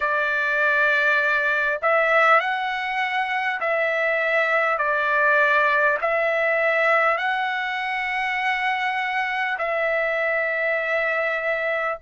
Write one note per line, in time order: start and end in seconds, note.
0.00 1.79 D5
1.82 2.40 E5
2.40 3.60 F#5
3.60 4.78 E5
4.78 5.98 D5
6.01 7.17 E5
7.17 9.57 F#5
9.58 11.98 E5